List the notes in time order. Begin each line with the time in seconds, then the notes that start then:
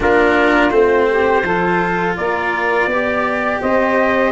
0.00 A#3 D4 F4 A#4
0.70 A3 C4 C5
1.08 G4
1.43 F3 F4 A4
2.17 A#3 A#4 D5
2.86 B3 G4 D5
3.60 C4 C5 D#5